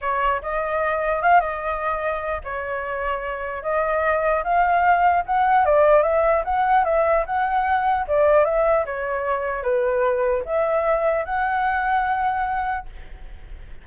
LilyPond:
\new Staff \with { instrumentName = "flute" } { \time 4/4 \tempo 4 = 149 cis''4 dis''2 f''8 dis''8~ | dis''2 cis''2~ | cis''4 dis''2 f''4~ | f''4 fis''4 d''4 e''4 |
fis''4 e''4 fis''2 | d''4 e''4 cis''2 | b'2 e''2 | fis''1 | }